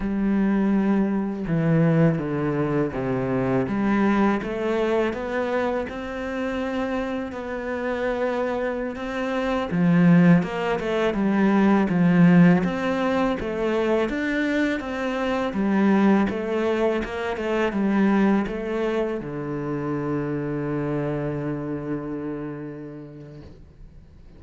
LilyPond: \new Staff \with { instrumentName = "cello" } { \time 4/4 \tempo 4 = 82 g2 e4 d4 | c4 g4 a4 b4 | c'2 b2~ | b16 c'4 f4 ais8 a8 g8.~ |
g16 f4 c'4 a4 d'8.~ | d'16 c'4 g4 a4 ais8 a16~ | a16 g4 a4 d4.~ d16~ | d1 | }